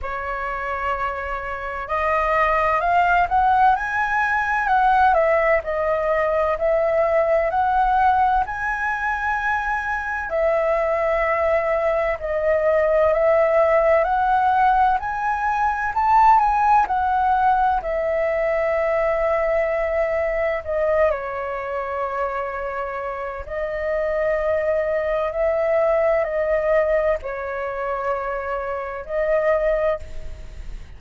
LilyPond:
\new Staff \with { instrumentName = "flute" } { \time 4/4 \tempo 4 = 64 cis''2 dis''4 f''8 fis''8 | gis''4 fis''8 e''8 dis''4 e''4 | fis''4 gis''2 e''4~ | e''4 dis''4 e''4 fis''4 |
gis''4 a''8 gis''8 fis''4 e''4~ | e''2 dis''8 cis''4.~ | cis''4 dis''2 e''4 | dis''4 cis''2 dis''4 | }